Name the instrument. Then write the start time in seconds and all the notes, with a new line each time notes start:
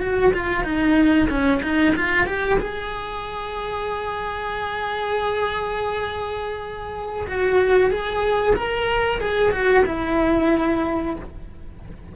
cello
0.00 F#4
0.33 F4
0.64 D#4
1.29 C#4
1.62 D#4
1.95 F4
2.26 G4
2.59 G#4
7.27 F#4
7.91 G#4
8.56 A#4
9.21 G#4
9.52 F#4
9.86 E4